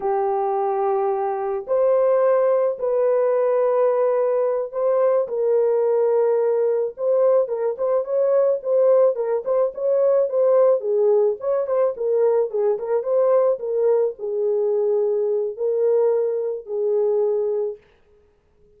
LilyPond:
\new Staff \with { instrumentName = "horn" } { \time 4/4 \tempo 4 = 108 g'2. c''4~ | c''4 b'2.~ | b'8 c''4 ais'2~ ais'8~ | ais'8 c''4 ais'8 c''8 cis''4 c''8~ |
c''8 ais'8 c''8 cis''4 c''4 gis'8~ | gis'8 cis''8 c''8 ais'4 gis'8 ais'8 c''8~ | c''8 ais'4 gis'2~ gis'8 | ais'2 gis'2 | }